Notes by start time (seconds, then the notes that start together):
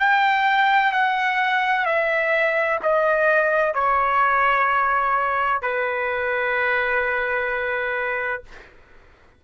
0.00 G5
0.92 F#5
1.86 E5
2.83 D#5
3.75 C#5
5.62 B4